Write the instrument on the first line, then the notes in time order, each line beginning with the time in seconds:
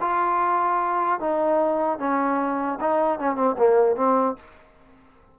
trombone
0.00 F4
1.20 D#4
1.98 C#4
2.80 D#4
3.19 C#4
3.35 C4
3.58 A#3
3.95 C4